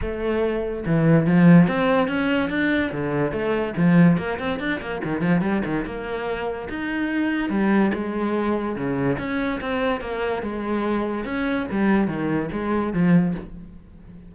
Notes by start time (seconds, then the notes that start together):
0.01 A3
0.86 E3
1.26 F3
1.67 C4
2.08 C#4
2.49 D4
2.92 D3
3.31 A3
3.76 F3
4.17 A#3
4.39 C4
4.59 D4
4.80 A#3
5.04 D#3
5.20 F3
5.41 G3
5.65 D#3
5.85 A#3
6.69 D#4
7.49 G3
7.94 G#3
8.76 C#3
9.18 C#4
9.60 C4
10.00 A#3
10.42 G#3
11.25 C#4
11.71 G3
12.07 D#3
12.52 G#3
12.93 F3